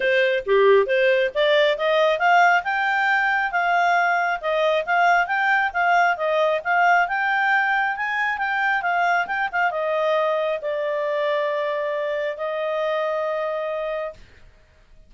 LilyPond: \new Staff \with { instrumentName = "clarinet" } { \time 4/4 \tempo 4 = 136 c''4 g'4 c''4 d''4 | dis''4 f''4 g''2 | f''2 dis''4 f''4 | g''4 f''4 dis''4 f''4 |
g''2 gis''4 g''4 | f''4 g''8 f''8 dis''2 | d''1 | dis''1 | }